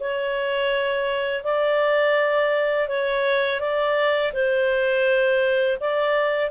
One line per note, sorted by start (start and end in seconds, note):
0.00 1.44 C#5
1.44 2.88 D5
2.88 3.60 C#5
3.60 4.32 D5
4.33 5.78 C5
5.80 6.51 D5